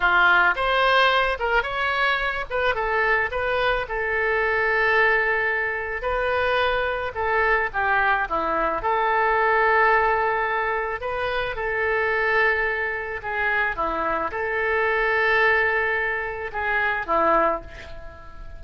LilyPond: \new Staff \with { instrumentName = "oboe" } { \time 4/4 \tempo 4 = 109 f'4 c''4. ais'8 cis''4~ | cis''8 b'8 a'4 b'4 a'4~ | a'2. b'4~ | b'4 a'4 g'4 e'4 |
a'1 | b'4 a'2. | gis'4 e'4 a'2~ | a'2 gis'4 e'4 | }